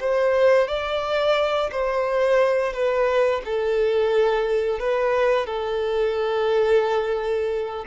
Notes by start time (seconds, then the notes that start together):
0.00 C5
0.68 D5
1.72 C5
2.73 B4
3.45 A4
4.79 B4
5.46 A4